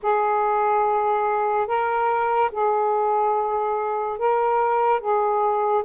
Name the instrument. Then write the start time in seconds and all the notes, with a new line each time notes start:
saxophone
0.02 G#4
1.67 A#4
2.51 G#4
4.18 A#4
5.00 G#4